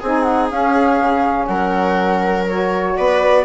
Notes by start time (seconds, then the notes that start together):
0.00 C4 D#4 G#4 G#5
0.23 F#5
0.51 C#4 F5
1.01 C#3
1.47 F#3 A#4 F#5
2.49 F#4 C#5
2.97 B3 B4 D5